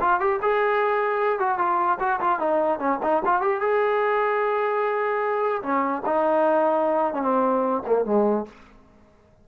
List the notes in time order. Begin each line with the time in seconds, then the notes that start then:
0.00 F4
0.20 G4
0.42 G#4
1.39 F#4
1.58 F4
1.99 F#4
2.20 F4
2.39 D#4
2.79 C#4
3.02 D#4
3.25 F4
3.41 G4
3.60 G#4
5.62 C#4
6.05 D#4
7.14 C#4
7.22 C4
7.86 A#3
8.05 G#3